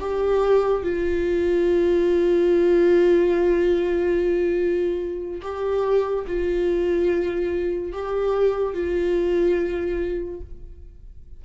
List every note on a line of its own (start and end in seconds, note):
0.00 0.83 G4
0.83 5.42 F4
5.42 6.25 G4
6.27 7.93 F4
7.93 8.74 G4
8.74 10.41 F4